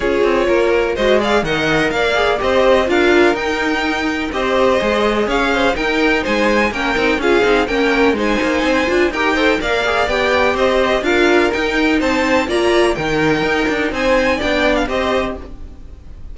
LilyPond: <<
  \new Staff \with { instrumentName = "violin" } { \time 4/4 \tempo 4 = 125 cis''2 dis''8 f''8 fis''4 | f''4 dis''4 f''4 g''4~ | g''4 dis''2 f''4 | g''4 gis''4 g''4 f''4 |
g''4 gis''2 g''4 | f''4 g''4 dis''4 f''4 | g''4 a''4 ais''4 g''4~ | g''4 gis''4 g''8. f''16 dis''4 | }
  \new Staff \with { instrumentName = "violin" } { \time 4/4 gis'4 ais'4 c''8 d''8 dis''4 | d''4 c''4 ais'2~ | ais'4 c''2 cis''8 c''8 | ais'4 c''4 ais'4 gis'4 |
ais'4 c''2 ais'8 c''8 | d''2 c''4 ais'4~ | ais'4 c''4 d''4 ais'4~ | ais'4 c''4 d''4 c''4 | }
  \new Staff \with { instrumentName = "viola" } { \time 4/4 f'2 fis'8 gis'8 ais'4~ | ais'8 gis'8 g'4 f'4 dis'4~ | dis'4 g'4 gis'2 | dis'2 cis'8 dis'8 f'8 dis'8 |
cis'4 dis'4. f'8 g'8 a'8 | ais'8 gis'8 g'2 f'4 | dis'2 f'4 dis'4~ | dis'2 d'4 g'4 | }
  \new Staff \with { instrumentName = "cello" } { \time 4/4 cis'8 c'8 ais4 gis4 dis4 | ais4 c'4 d'4 dis'4~ | dis'4 c'4 gis4 cis'4 | dis'4 gis4 ais8 c'8 cis'8 c'8 |
ais4 gis8 ais8 c'8 d'8 dis'4 | ais4 b4 c'4 d'4 | dis'4 c'4 ais4 dis4 | dis'8 d'8 c'4 b4 c'4 | }
>>